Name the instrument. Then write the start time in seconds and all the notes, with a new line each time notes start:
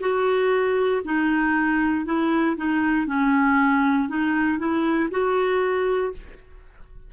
clarinet
0.00 F#4
1.04 D#4
2.05 E4
2.57 D#4
3.06 C#4
4.09 D#4
4.59 E4
5.11 F#4